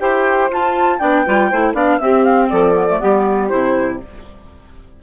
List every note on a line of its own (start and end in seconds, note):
0.00 0.50 E4
0.00 0.50 G4
0.00 0.99 C5
0.00 0.50 G5
0.50 1.00 F4
0.50 0.99 A5
0.99 1.26 B3
0.99 1.25 D4
0.99 1.24 D5
0.99 1.74 G5
1.25 1.52 G3
1.25 1.51 F4
1.25 1.50 B4
1.50 1.74 A3
1.50 1.75 E4
1.50 1.74 C5
1.74 1.99 B3
1.74 2.00 D4
1.74 1.99 D5
1.74 2.00 F5
2.00 2.75 C4
2.00 2.51 C4
2.00 2.50 G4
2.00 2.24 E5
2.24 2.49 F5
2.49 3.02 F3
2.49 2.99 A4
2.49 3.48 D5
2.75 2.87 B3
2.89 3.00 A3
2.99 3.52 G3
2.99 3.50 B3
2.99 3.99 G4
3.48 4.03 C3
3.48 4.00 E4
3.48 3.98 C5